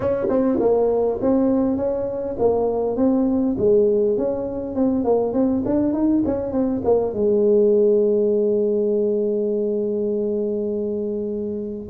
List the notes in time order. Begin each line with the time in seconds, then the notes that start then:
0.00 C#4
0.29 C4
0.60 A#3
1.21 C4
1.76 C#4
2.38 A#3
2.96 C4
3.58 G#3
4.17 C#4
4.75 C4
5.04 A#3
5.33 C4
5.65 D4
5.93 D#4
6.25 C#4
6.52 C4
6.84 A#3
7.13 G#3